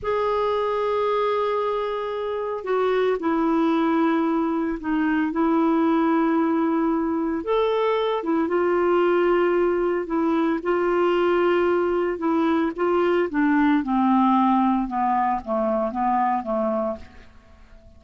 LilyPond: \new Staff \with { instrumentName = "clarinet" } { \time 4/4 \tempo 4 = 113 gis'1~ | gis'4 fis'4 e'2~ | e'4 dis'4 e'2~ | e'2 a'4. e'8 |
f'2. e'4 | f'2. e'4 | f'4 d'4 c'2 | b4 a4 b4 a4 | }